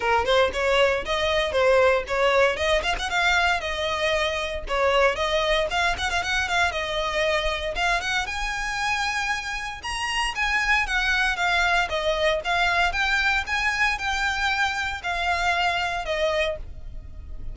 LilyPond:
\new Staff \with { instrumentName = "violin" } { \time 4/4 \tempo 4 = 116 ais'8 c''8 cis''4 dis''4 c''4 | cis''4 dis''8 f''16 fis''16 f''4 dis''4~ | dis''4 cis''4 dis''4 f''8 fis''16 f''16 | fis''8 f''8 dis''2 f''8 fis''8 |
gis''2. ais''4 | gis''4 fis''4 f''4 dis''4 | f''4 g''4 gis''4 g''4~ | g''4 f''2 dis''4 | }